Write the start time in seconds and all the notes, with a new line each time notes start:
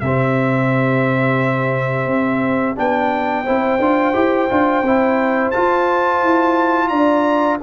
0.00 C3 C4 G4 E5
2.07 C4
2.76 B3 D4 G5
3.43 C4 E4 C5
3.79 D4 F4
4.14 E4 G4
4.49 D4 F4
4.82 C4 E4
5.51 F4 A5
6.23 E4
6.89 D4 D5 A#5